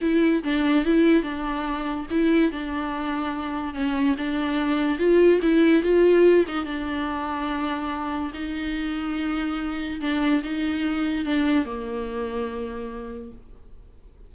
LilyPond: \new Staff \with { instrumentName = "viola" } { \time 4/4 \tempo 4 = 144 e'4 d'4 e'4 d'4~ | d'4 e'4 d'2~ | d'4 cis'4 d'2 | f'4 e'4 f'4. dis'8 |
d'1 | dis'1 | d'4 dis'2 d'4 | ais1 | }